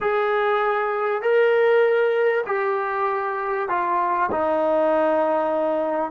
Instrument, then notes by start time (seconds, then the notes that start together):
trombone
0.01 G#4
1.22 A#4
2.46 G4
3.68 F4
4.31 D#4